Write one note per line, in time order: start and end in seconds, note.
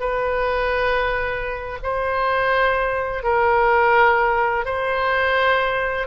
0.00 1.79 B4
1.83 3.23 C5
3.23 4.65 A#4
4.65 6.07 C5